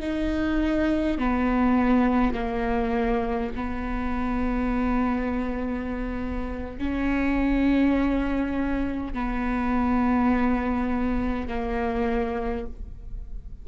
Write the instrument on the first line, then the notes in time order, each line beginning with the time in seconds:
viola
0.00 D#4
1.18 B3
2.33 A#3
3.55 B3
6.78 C#4
9.13 B3
11.48 A#3